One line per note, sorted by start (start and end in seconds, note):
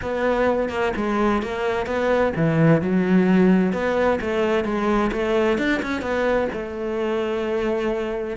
0.01 0.69 B3
0.69 0.92 A#3
0.96 1.42 G#3
1.42 1.86 A#3
1.86 2.33 B3
2.36 2.81 E3
2.81 3.72 F#3
3.72 4.19 B3
4.20 4.64 A3
4.64 5.11 G#3
5.11 5.58 A3
5.58 5.81 D4
5.82 6.01 C#4
6.01 6.48 B3
6.52 8.37 A3